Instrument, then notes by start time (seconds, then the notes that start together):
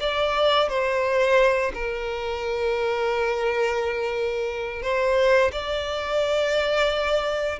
violin
0.00 D5
0.69 C5
1.74 A#4
4.82 C5
5.52 D5